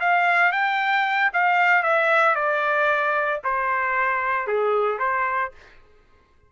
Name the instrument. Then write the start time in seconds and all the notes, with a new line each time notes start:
trumpet
0.00 F5
0.52 G5
1.33 F5
1.83 E5
2.35 D5
3.44 C5
4.47 G#4
4.99 C5